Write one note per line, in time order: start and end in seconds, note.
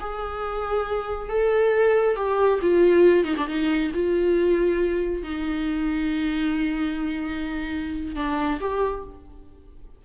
0.00 1.29 G#4
1.29 2.16 A4
2.16 2.60 G4
2.62 3.24 F4
3.24 3.35 D#4
3.37 3.48 D4
3.48 3.92 D#4
3.94 5.23 F4
5.23 8.16 D#4
8.16 8.60 D4
8.60 9.04 G4